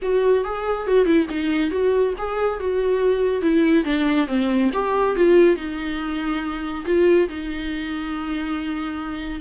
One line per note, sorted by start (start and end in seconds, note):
0.02 0.44 F#4
0.44 0.87 G#4
0.87 1.05 F#4
1.05 1.26 E4
1.29 1.70 D#4
1.70 2.13 F#4
2.17 2.59 G#4
2.59 3.41 F#4
3.41 3.84 E4
3.84 4.27 D4
4.27 4.70 C4
4.73 5.15 G4
5.16 5.56 F4
5.56 6.84 D#4
6.85 7.28 F4
7.28 9.40 D#4